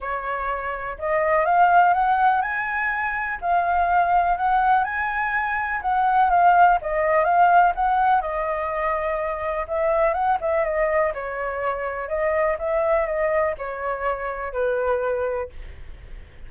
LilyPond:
\new Staff \with { instrumentName = "flute" } { \time 4/4 \tempo 4 = 124 cis''2 dis''4 f''4 | fis''4 gis''2 f''4~ | f''4 fis''4 gis''2 | fis''4 f''4 dis''4 f''4 |
fis''4 dis''2. | e''4 fis''8 e''8 dis''4 cis''4~ | cis''4 dis''4 e''4 dis''4 | cis''2 b'2 | }